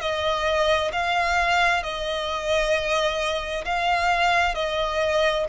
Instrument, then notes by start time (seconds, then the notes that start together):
violin
0.00 D#5
0.92 F5
1.82 D#5
3.64 F5
4.54 D#5